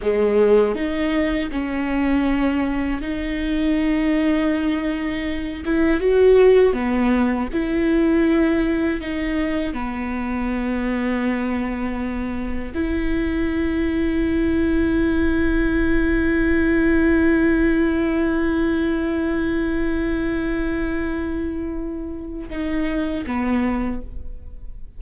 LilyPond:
\new Staff \with { instrumentName = "viola" } { \time 4/4 \tempo 4 = 80 gis4 dis'4 cis'2 | dis'2.~ dis'8 e'8 | fis'4 b4 e'2 | dis'4 b2.~ |
b4 e'2.~ | e'1~ | e'1~ | e'2 dis'4 b4 | }